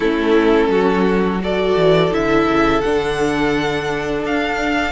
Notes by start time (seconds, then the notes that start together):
0.00 A3 C#4 E4 A4
0.68 F#3 F#4
1.39 F#4 A4 D5
1.76 E3
2.11 D3 E4 E5
2.47 C#3
2.81 D3 D4 F#5
4.23 D4 F5